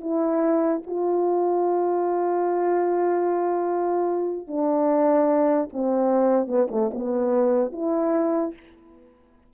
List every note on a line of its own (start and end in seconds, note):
0.00 0.81 E4
0.86 4.47 F4
4.47 5.69 D4
5.72 6.47 C4
6.47 6.67 B3
6.70 6.91 A3
6.94 7.72 B3
7.72 8.53 E4